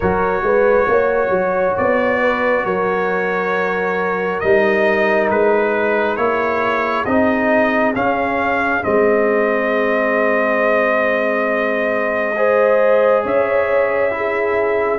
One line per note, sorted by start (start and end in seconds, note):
0.00 0.42 F#3
0.00 4.43 F#4
0.00 0.42 A#4
0.00 1.77 C#5
0.42 0.86 G#3
0.42 0.89 B4
0.88 1.29 A#3
0.88 2.21 C#5
1.29 1.73 F#3
1.77 2.64 B3
1.77 2.65 D5
2.21 2.65 B4
2.64 4.41 F#3
2.64 5.69 A#4
2.64 4.40 C#5
4.40 5.30 G3
4.40 6.17 D#4
4.40 5.28 D#5
5.30 6.17 G#3
5.30 6.16 B4
5.69 12.31 G#4
6.16 7.05 A#3
6.16 7.05 E4
6.16 7.04 C#5
7.05 7.94 C4
7.05 7.94 D#4
7.05 7.93 D#5
7.94 8.82 C#4
7.94 8.84 C#4
7.94 8.83 F5
8.82 13.24 G#3
8.82 12.35 C4
8.82 13.24 D#5
12.36 14.10 G#4
12.36 13.23 C5
13.23 14.99 C#4
13.23 14.12 C#5
13.23 14.99 E5
14.10 14.99 E4
14.10 14.99 G#4